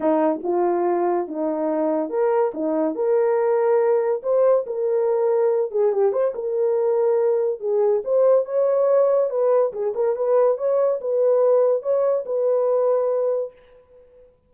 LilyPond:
\new Staff \with { instrumentName = "horn" } { \time 4/4 \tempo 4 = 142 dis'4 f'2 dis'4~ | dis'4 ais'4 dis'4 ais'4~ | ais'2 c''4 ais'4~ | ais'4. gis'8 g'8 c''8 ais'4~ |
ais'2 gis'4 c''4 | cis''2 b'4 gis'8 ais'8 | b'4 cis''4 b'2 | cis''4 b'2. | }